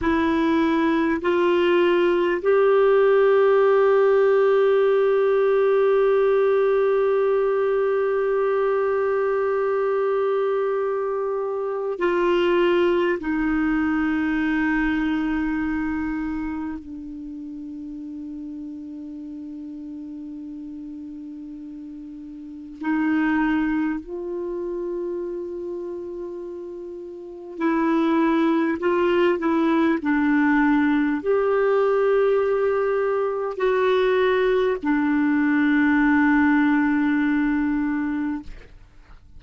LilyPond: \new Staff \with { instrumentName = "clarinet" } { \time 4/4 \tempo 4 = 50 e'4 f'4 g'2~ | g'1~ | g'2 f'4 dis'4~ | dis'2 d'2~ |
d'2. dis'4 | f'2. e'4 | f'8 e'8 d'4 g'2 | fis'4 d'2. | }